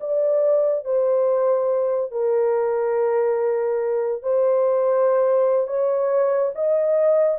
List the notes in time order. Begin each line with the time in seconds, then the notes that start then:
0.00 D5
0.85 C5
2.11 A#4
4.23 C5
5.67 C#5
6.55 D#5